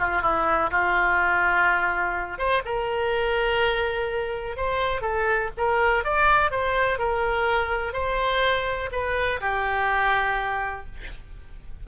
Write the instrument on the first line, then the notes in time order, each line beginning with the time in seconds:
oboe
0.00 F4
0.22 E4
0.71 F4
2.38 C5
2.65 A#4
4.57 C5
5.02 A4
5.58 A#4
6.05 D5
6.52 C5
6.99 A#4
7.94 C5
8.92 B4
9.41 G4